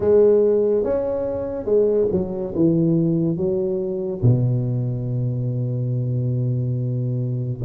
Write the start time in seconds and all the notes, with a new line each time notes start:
0.00 G#3
0.84 C#4
1.65 G#3
2.11 F#3
2.55 E3
3.36 F#3
4.22 B2